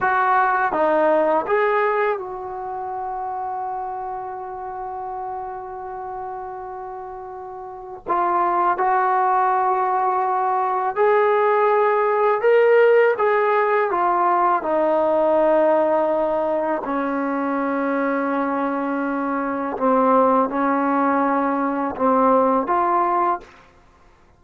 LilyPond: \new Staff \with { instrumentName = "trombone" } { \time 4/4 \tempo 4 = 82 fis'4 dis'4 gis'4 fis'4~ | fis'1~ | fis'2. f'4 | fis'2. gis'4~ |
gis'4 ais'4 gis'4 f'4 | dis'2. cis'4~ | cis'2. c'4 | cis'2 c'4 f'4 | }